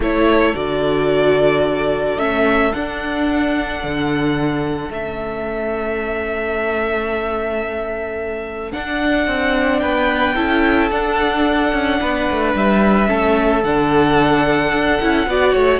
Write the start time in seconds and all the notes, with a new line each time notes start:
0.00 A3 E4 A4 C#5
0.55 D3 F#4 D5
2.17 A3 C#4 E5
2.73 D4 F#5
3.83 D3
4.90 A3 C#4 E5
8.72 D4 F#5
9.27 C4
9.79 B3 B4 G5
10.35 C#4 E4 A4
10.90 D4 F#5
11.72 C#4
12.00 B3 B4
12.30 A3
12.54 G3 E5
13.06 A3 C#4 A4
13.63 D3 D4 F#5
14.72 D4
15.01 C#4 E4
15.25 B3 F#4 D5
15.53 A3 C#5